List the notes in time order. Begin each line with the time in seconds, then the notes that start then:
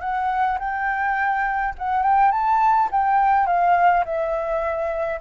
0.00 F#5
0.59 G5
1.78 F#5
2.02 G5
2.31 A5
2.91 G5
3.46 F5
4.05 E5